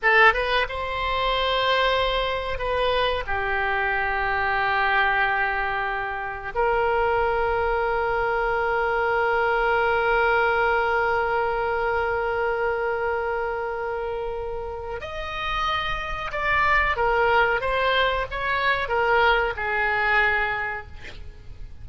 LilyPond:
\new Staff \with { instrumentName = "oboe" } { \time 4/4 \tempo 4 = 92 a'8 b'8 c''2. | b'4 g'2.~ | g'2 ais'2~ | ais'1~ |
ais'1~ | ais'2. dis''4~ | dis''4 d''4 ais'4 c''4 | cis''4 ais'4 gis'2 | }